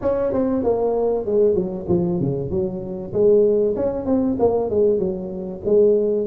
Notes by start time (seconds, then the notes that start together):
0.01 C#4
0.32 C4
0.63 A#3
1.25 G#3
1.55 F#3
1.88 F3
2.20 C#3
2.50 F#3
3.13 G#3
3.76 C#4
4.05 C4
4.39 A#3
4.70 G#3
4.98 F#3
5.65 G#3